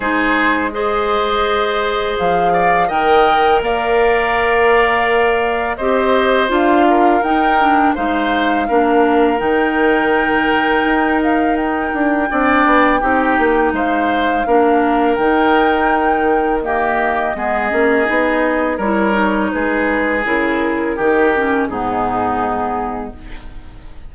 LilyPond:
<<
  \new Staff \with { instrumentName = "flute" } { \time 4/4 \tempo 4 = 83 c''4 dis''2 f''4 | g''4 f''2. | dis''4 f''4 g''4 f''4~ | f''4 g''2~ g''8 f''8 |
g''2. f''4~ | f''4 g''2 dis''4~ | dis''2 cis''4 b'4 | ais'2 gis'2 | }
  \new Staff \with { instrumentName = "oboe" } { \time 4/4 gis'4 c''2~ c''8 d''8 | dis''4 d''2. | c''4. ais'4. c''4 | ais'1~ |
ais'4 d''4 g'4 c''4 | ais'2. g'4 | gis'2 ais'4 gis'4~ | gis'4 g'4 dis'2 | }
  \new Staff \with { instrumentName = "clarinet" } { \time 4/4 dis'4 gis'2. | ais'1 | g'4 f'4 dis'8 d'8 dis'4 | d'4 dis'2.~ |
dis'4 d'4 dis'2 | d'4 dis'2 ais4 | b8 cis'8 dis'4 e'8 dis'4. | e'4 dis'8 cis'8 b2 | }
  \new Staff \with { instrumentName = "bassoon" } { \time 4/4 gis2. f4 | dis4 ais2. | c'4 d'4 dis'4 gis4 | ais4 dis2 dis'4~ |
dis'8 d'8 c'8 b8 c'8 ais8 gis4 | ais4 dis2. | gis8 ais8 b4 g4 gis4 | cis4 dis4 gis,2 | }
>>